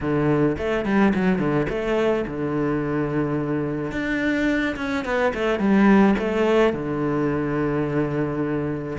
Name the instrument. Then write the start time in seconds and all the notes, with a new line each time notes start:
cello
0.00 D3
0.58 A3
0.85 G3
1.14 F#3
1.38 D3
1.69 A3
2.27 D3
3.91 D4
4.76 C#4
5.04 B3
5.33 A3
5.59 G3
6.18 A3
6.73 D3